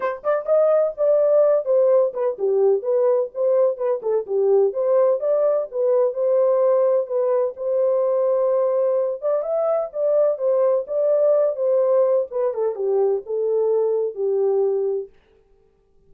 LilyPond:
\new Staff \with { instrumentName = "horn" } { \time 4/4 \tempo 4 = 127 c''8 d''8 dis''4 d''4. c''8~ | c''8 b'8 g'4 b'4 c''4 | b'8 a'8 g'4 c''4 d''4 | b'4 c''2 b'4 |
c''2.~ c''8 d''8 | e''4 d''4 c''4 d''4~ | d''8 c''4. b'8 a'8 g'4 | a'2 g'2 | }